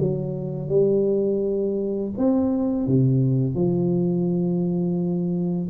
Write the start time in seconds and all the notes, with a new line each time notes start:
0.00 F#3
0.69 G3
2.18 C4
2.87 C3
3.55 F3